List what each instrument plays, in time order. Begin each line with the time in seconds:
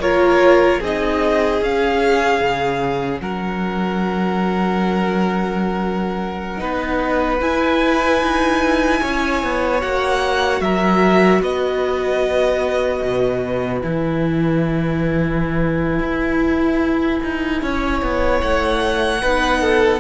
0.00 cello A#3, viola F4, violin A#4 C#5
0.80 cello C4, viola D#4, violin G#4 D#5
1.62 cello C#4, viola C#4, violin F5
2.41 cello C#3
3.21 cello F#3, violin A#4 F#5
6.58 cello B3, viola D#4, violin B4
7.41 viola E4, cello E4, violin G#5
8.22 cello D#4
9.02 cello C#4, violin C#5
9.43 cello B3
9.81 cello A#3, viola F#4, violin F#5
10.61 cello F#3, violin A#4 E5
11.41 cello B3, violin B4 D#5
13.03 cello B2
13.81 cello E3, viola E4, violin G#5
16.00 cello E4
17.24 cello D#4
17.62 cello C#4, violin C#5
18.02 cello B3
18.42 cello A3, violin F#5
19.22 cello B3, viola D#4, violin B4
19.61 violin A4